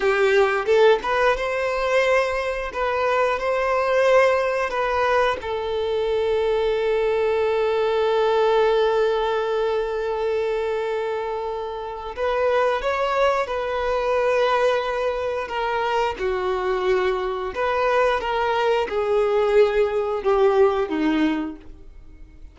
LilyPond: \new Staff \with { instrumentName = "violin" } { \time 4/4 \tempo 4 = 89 g'4 a'8 b'8 c''2 | b'4 c''2 b'4 | a'1~ | a'1~ |
a'2 b'4 cis''4 | b'2. ais'4 | fis'2 b'4 ais'4 | gis'2 g'4 dis'4 | }